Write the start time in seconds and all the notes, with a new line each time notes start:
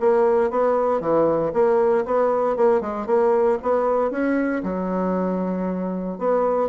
0.00 A#3
0.50 B3
1.00 E3
1.53 A#3
2.05 B3
2.56 A#3
2.80 G#3
3.06 A#3
3.62 B3
4.11 C#4
4.63 F#3
6.18 B3